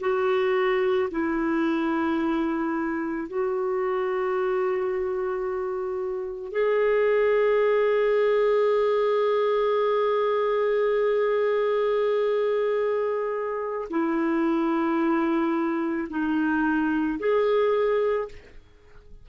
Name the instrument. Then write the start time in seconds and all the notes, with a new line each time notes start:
clarinet
0.00 F#4
1.11 E4
3.28 F#4
6.52 G#4
13.90 E4
16.10 D#4
17.19 G#4